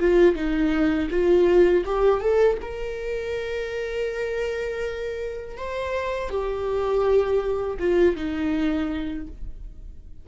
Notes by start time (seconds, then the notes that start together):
0.00 F4
0.35 D#4
1.10 F4
1.85 G4
2.21 A4
2.62 A#4
5.57 C5
6.30 G4
7.79 F4
8.16 D#4